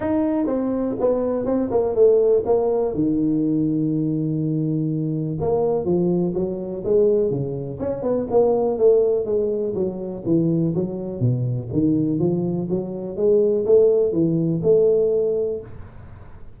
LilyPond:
\new Staff \with { instrumentName = "tuba" } { \time 4/4 \tempo 4 = 123 dis'4 c'4 b4 c'8 ais8 | a4 ais4 dis2~ | dis2. ais4 | f4 fis4 gis4 cis4 |
cis'8 b8 ais4 a4 gis4 | fis4 e4 fis4 b,4 | dis4 f4 fis4 gis4 | a4 e4 a2 | }